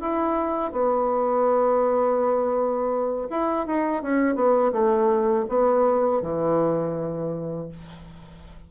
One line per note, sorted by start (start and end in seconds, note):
0.00 0.72 E4
0.72 3.28 B3
3.30 3.66 E4
3.66 4.02 D#4
4.02 4.35 C#4
4.35 4.72 B3
4.72 5.45 A3
5.48 6.22 B3
6.22 7.68 E3